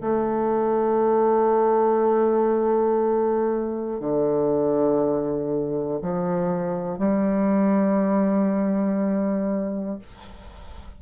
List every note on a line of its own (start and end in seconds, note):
0.00 4.00 A3
4.00 6.00 D3
6.01 6.98 F3
6.98 9.98 G3